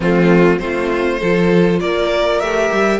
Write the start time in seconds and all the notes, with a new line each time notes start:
0.00 F3 A3 C4 F4
0.59 A3 C4 F4 C5
1.20 F3 F4 A4
1.79 A#3 A#4 D5
2.40 A3 G4 E5
2.72 G3